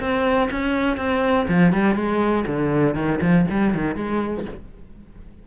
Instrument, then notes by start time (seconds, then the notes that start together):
cello
0.00 C4
0.51 C#4
0.97 C4
1.48 F3
1.73 G3
1.95 G#3
2.47 D3
2.95 D#3
3.22 F3
3.50 G3
3.74 D#3
3.96 G#3